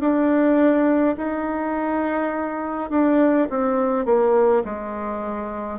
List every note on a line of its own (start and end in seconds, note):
0.00 1.15 D4
1.17 2.90 D#4
2.90 3.48 D4
3.49 4.05 C4
4.05 4.63 A#3
4.64 5.79 G#3